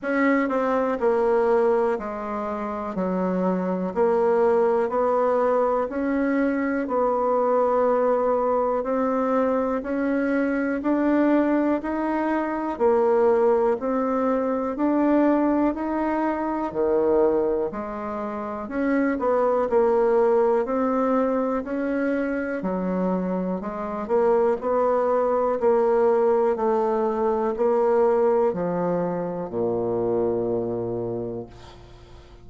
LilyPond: \new Staff \with { instrumentName = "bassoon" } { \time 4/4 \tempo 4 = 61 cis'8 c'8 ais4 gis4 fis4 | ais4 b4 cis'4 b4~ | b4 c'4 cis'4 d'4 | dis'4 ais4 c'4 d'4 |
dis'4 dis4 gis4 cis'8 b8 | ais4 c'4 cis'4 fis4 | gis8 ais8 b4 ais4 a4 | ais4 f4 ais,2 | }